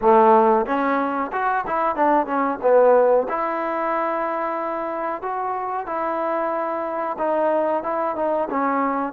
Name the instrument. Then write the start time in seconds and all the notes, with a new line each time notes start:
trombone
0.01 A3
0.66 C#4
1.32 F#4
1.66 E4
1.95 D4
2.26 C#4
2.62 B3
3.28 E4
5.22 F#4
5.86 E4
7.18 D#4
7.83 E4
8.15 D#4
8.50 C#4